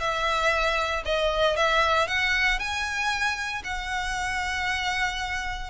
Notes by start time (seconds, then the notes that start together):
0.00 E5
1.06 D#5
1.56 E5
2.08 F#5
2.59 G#5
3.64 F#5